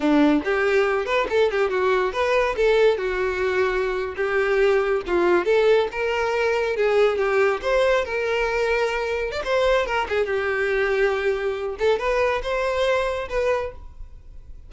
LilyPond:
\new Staff \with { instrumentName = "violin" } { \time 4/4 \tempo 4 = 140 d'4 g'4. b'8 a'8 g'8 | fis'4 b'4 a'4 fis'4~ | fis'4.~ fis'16 g'2 f'16~ | f'8. a'4 ais'2 gis'16~ |
gis'8. g'4 c''4 ais'4~ ais'16~ | ais'4.~ ais'16 d''16 c''4 ais'8 gis'8 | g'2.~ g'8 a'8 | b'4 c''2 b'4 | }